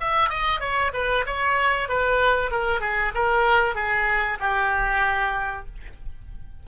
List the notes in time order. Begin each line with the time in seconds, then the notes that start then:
0.00 E5
0.29 D#5
0.60 C#5
0.94 B4
1.26 C#5
1.89 B4
2.51 A#4
2.80 G#4
3.14 A#4
3.75 G#4
4.40 G4